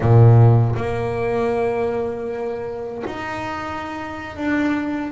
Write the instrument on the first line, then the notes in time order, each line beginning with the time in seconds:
double bass
0.00 A#2
0.75 A#3
3.06 D#4
4.36 D4